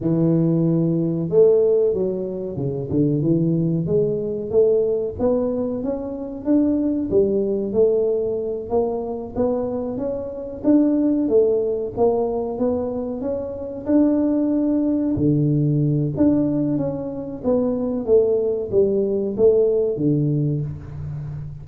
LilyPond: \new Staff \with { instrumentName = "tuba" } { \time 4/4 \tempo 4 = 93 e2 a4 fis4 | cis8 d8 e4 gis4 a4 | b4 cis'4 d'4 g4 | a4. ais4 b4 cis'8~ |
cis'8 d'4 a4 ais4 b8~ | b8 cis'4 d'2 d8~ | d4 d'4 cis'4 b4 | a4 g4 a4 d4 | }